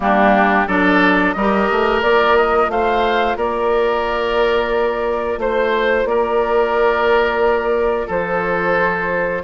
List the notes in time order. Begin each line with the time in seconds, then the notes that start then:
0.00 G3 A#3 D4 G4
0.67 F#3 D4 A4 D5
1.32 G3 A#4 D#5
1.39 G4
1.71 A3
2.02 A#3 F4 D5
2.36 D#5
2.67 A3 C5 F5
3.36 A#3 A#4 D5
5.37 A3 C5
6.04 A#3 A#4 D5
8.07 F3 A4 C5